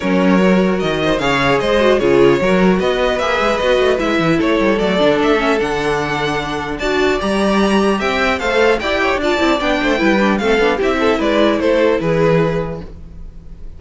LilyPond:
<<
  \new Staff \with { instrumentName = "violin" } { \time 4/4 \tempo 4 = 150 cis''2 dis''4 f''4 | dis''4 cis''2 dis''4 | e''4 dis''4 e''4 cis''4 | d''4 e''4 fis''2~ |
fis''4 a''4 ais''2 | g''4 f''4 g''4 a''4 | g''2 f''4 e''4 | d''4 c''4 b'2 | }
  \new Staff \with { instrumentName = "violin" } { \time 4/4 ais'2~ ais'8 c''8 cis''4 | c''4 gis'4 ais'4 b'4~ | b'2. a'4~ | a'1~ |
a'4 d''2. | e''4 c''4 d''8 cis''8 d''4~ | d''8 c''8 b'4 a'4 g'8 a'8 | b'4 a'4 gis'2 | }
  \new Staff \with { instrumentName = "viola" } { \time 4/4 cis'4 fis'2 gis'4~ | gis'8 fis'8 f'4 fis'2 | gis'4 fis'4 e'2 | a8 d'4 cis'8 d'2~ |
d'4 fis'4 g'2~ | g'4 a'4 g'4 f'8 e'8 | d'4 e'8 d'8 c'8 d'8 e'4~ | e'1 | }
  \new Staff \with { instrumentName = "cello" } { \time 4/4 fis2 dis4 cis4 | gis4 cis4 fis4 b4 | ais8 gis8 b8 a8 gis8 e8 a8 g8 | fis8 d8 a4 d2~ |
d4 d'4 g2 | c'4 a4 e'4 d'8 c'8 | b8 a8 g4 a8 b8 c'4 | gis4 a4 e2 | }
>>